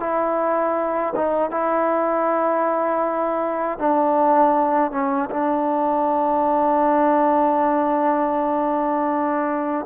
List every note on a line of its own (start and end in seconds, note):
0.00 1.14 E4
1.15 1.51 D#4
1.51 3.78 E4
3.79 4.91 D4
4.91 5.29 C#4
5.30 9.86 D4